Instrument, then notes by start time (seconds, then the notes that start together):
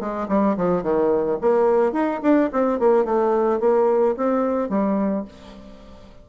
bassoon
0.00 G#3
0.29 G3
0.57 F3
0.83 D#3
1.41 A#3
1.93 D#4
2.22 D4
2.53 C4
2.79 A#3
3.05 A3
3.60 A#3
4.17 C4
4.69 G3